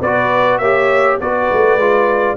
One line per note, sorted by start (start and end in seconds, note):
0.00 0.60 B3
0.00 0.62 F#4
0.00 0.59 B4
0.00 0.58 D5
0.58 1.19 A#3
0.58 1.21 G4
0.58 1.18 C#5
0.58 1.17 E5
1.19 1.50 B3
1.19 1.80 F#4
1.19 2.37 B4
1.19 2.37 D5
1.51 1.76 A3
1.76 2.35 G#3
1.76 2.37 F4